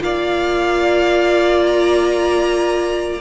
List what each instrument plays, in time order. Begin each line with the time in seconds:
0.00 cello A#3, viola F4, violin D5 F5
1.67 violin A#5